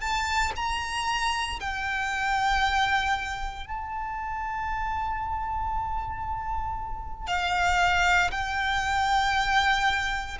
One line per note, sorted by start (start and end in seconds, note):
0.00 0.52 A5
0.55 1.59 A#5
1.59 3.66 G5
3.66 7.27 A5
7.27 8.30 F5
8.31 10.38 G5